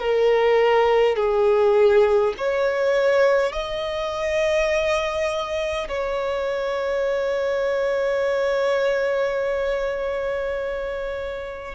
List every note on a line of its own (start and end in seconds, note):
0.00 1.17 A#4
1.17 2.34 G#4
2.38 3.53 C#5
3.53 5.88 D#5
5.89 11.75 C#5